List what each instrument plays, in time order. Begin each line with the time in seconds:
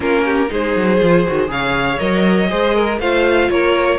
0.00 cello A#3, viola C#4, violin F4 A#4
0.25 violin G4
0.48 cello G#3, viola D#4, violin G#4 C5
0.75 cello F#3
1.01 cello F3, viola F4
1.27 cello D#3, viola F#4
1.47 cello C#3, viola G#4, violin C#5 F5
1.98 cello F#3, viola A#4, violin D#5
2.48 cello G#3, viola G#4, violin C5
2.75 violin A#4
2.99 cello A3, viola F4, violin C5 F5
3.49 cello A#3, violin A#4 C#5